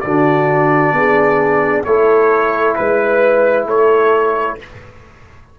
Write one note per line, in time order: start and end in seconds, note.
0.00 0.91 D3
0.00 1.86 D4
0.00 0.96 F#4
0.00 1.82 D5
0.91 1.82 B3
0.91 1.87 G#4
1.84 2.77 A3
1.84 4.59 E4
1.84 2.77 A4
1.84 2.75 C#5
2.75 3.65 G#3
2.75 3.66 B4
3.65 4.56 A3
3.65 4.57 A4
3.65 4.59 C#5